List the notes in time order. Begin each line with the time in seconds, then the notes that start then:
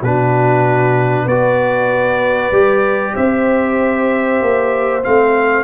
0.00 B2 D4 F#4 B4
1.25 B3 F#4 B4 D5
2.51 G3 G4
3.13 C4 C5 E5
4.42 A#3
5.02 A3 C4 F5